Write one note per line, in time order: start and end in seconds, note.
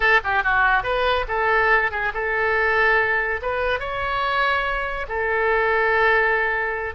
0.00 0.20 A4
0.24 0.43 G4
0.43 0.83 F#4
0.83 1.25 B4
1.28 1.91 A4
1.91 2.12 G#4
2.14 3.40 A4
3.42 3.79 B4
3.79 5.06 C#5
5.08 6.94 A4